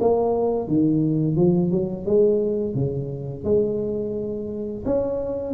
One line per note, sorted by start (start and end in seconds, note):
0.00 0.68 A#3
0.68 1.36 D#3
1.36 1.71 F3
1.71 2.05 F#3
2.05 2.74 G#3
2.74 3.44 C#3
3.44 4.84 G#3
4.85 5.54 C#4